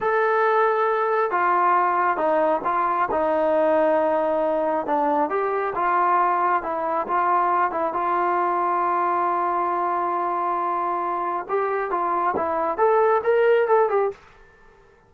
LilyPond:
\new Staff \with { instrumentName = "trombone" } { \time 4/4 \tempo 4 = 136 a'2. f'4~ | f'4 dis'4 f'4 dis'4~ | dis'2. d'4 | g'4 f'2 e'4 |
f'4. e'8 f'2~ | f'1~ | f'2 g'4 f'4 | e'4 a'4 ais'4 a'8 g'8 | }